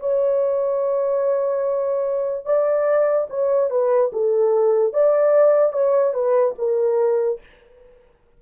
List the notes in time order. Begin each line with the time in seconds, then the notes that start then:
0.00 C#5
2.45 D5
3.30 C#5
3.70 B4
4.13 A4
4.93 D5
5.73 C#5
6.14 B4
6.58 A#4